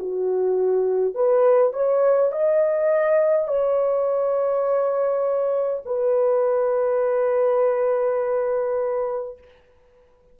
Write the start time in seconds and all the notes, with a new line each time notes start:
0.00 F#4
1.15 B4
1.73 C#5
2.32 D#5
3.48 C#5
5.86 B4